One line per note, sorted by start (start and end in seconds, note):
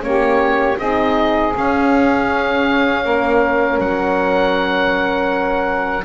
0.00 0.78 A#3
0.00 0.75 C#4
0.00 0.78 G4
0.00 0.78 C#5
0.78 1.53 C4
0.78 1.53 D#4
0.78 3.03 G#4
0.78 1.53 D#5
1.53 6.03 C#4
1.53 3.05 C#4
1.53 3.80 F5
3.05 3.78 A#3
3.05 6.05 A#4
3.78 6.03 F#3
3.78 6.05 F#5